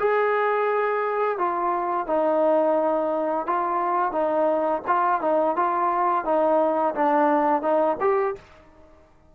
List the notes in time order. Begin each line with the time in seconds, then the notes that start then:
0.00 G#4
1.38 F4
2.07 D#4
3.47 F4
4.12 D#4
4.88 F4
5.21 D#4
5.56 F4
6.25 D#4
6.95 D4
7.62 D#4
8.00 G4